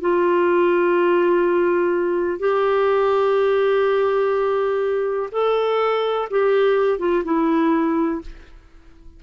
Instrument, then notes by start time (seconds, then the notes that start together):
clarinet
0.00 F4
2.39 G4
5.31 A4
6.30 G4
6.99 F4
7.24 E4